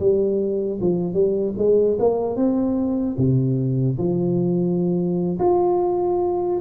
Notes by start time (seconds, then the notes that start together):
0.00 G3
0.81 F3
1.14 G3
1.58 G#3
2.00 A#3
2.36 C4
3.18 C3
3.99 F3
5.40 F4